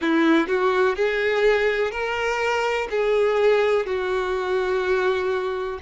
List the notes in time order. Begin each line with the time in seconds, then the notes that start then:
0.01 E4
0.47 F#4
0.95 G#4
1.91 A#4
2.90 G#4
3.85 F#4